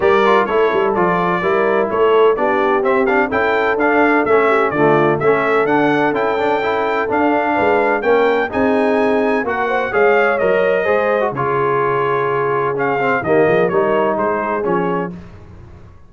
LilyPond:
<<
  \new Staff \with { instrumentName = "trumpet" } { \time 4/4 \tempo 4 = 127 d''4 cis''4 d''2 | cis''4 d''4 e''8 f''8 g''4 | f''4 e''4 d''4 e''4 | fis''4 g''2 f''4~ |
f''4 g''4 gis''2 | fis''4 f''4 dis''2 | cis''2. f''4 | dis''4 cis''4 c''4 cis''4 | }
  \new Staff \with { instrumentName = "horn" } { \time 4/4 ais'4 a'2 ais'4 | a'4 g'2 a'4~ | a'4. g'8 f'4 a'4~ | a'1 |
b'4 ais'4 gis'2 | ais'8 c''8 cis''2 c''4 | gis'1 | g'8 gis'8 ais'4 gis'2 | }
  \new Staff \with { instrumentName = "trombone" } { \time 4/4 g'8 f'8 e'4 f'4 e'4~ | e'4 d'4 c'8 d'8 e'4 | d'4 cis'4 a4 cis'4 | d'4 e'8 d'8 e'4 d'4~ |
d'4 cis'4 dis'2 | fis'4 gis'4 ais'4 gis'8. fis'16 | f'2. cis'8 c'8 | ais4 dis'2 cis'4 | }
  \new Staff \with { instrumentName = "tuba" } { \time 4/4 g4 a8 g8 f4 g4 | a4 b4 c'4 cis'4 | d'4 a4 d4 a4 | d'4 cis'2 d'4 |
gis4 ais4 c'2 | ais4 gis4 fis4 gis4 | cis1 | dis8 f8 g4 gis4 f4 | }
>>